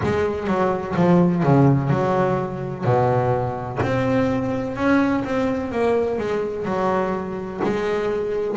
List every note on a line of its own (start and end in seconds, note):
0.03 0.47 G#3
0.47 0.94 F#3
0.95 1.43 F3
1.43 1.90 C#3
1.90 2.84 F#3
2.84 3.79 B2
3.82 4.76 C4
4.76 5.23 C#4
5.24 5.71 C4
5.71 6.18 A#3
6.18 6.65 G#3
6.65 7.60 F#3
7.63 8.57 G#3